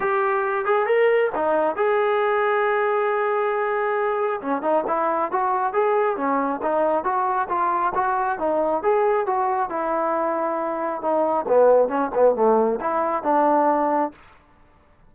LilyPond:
\new Staff \with { instrumentName = "trombone" } { \time 4/4 \tempo 4 = 136 g'4. gis'8 ais'4 dis'4 | gis'1~ | gis'2 cis'8 dis'8 e'4 | fis'4 gis'4 cis'4 dis'4 |
fis'4 f'4 fis'4 dis'4 | gis'4 fis'4 e'2~ | e'4 dis'4 b4 cis'8 b8 | a4 e'4 d'2 | }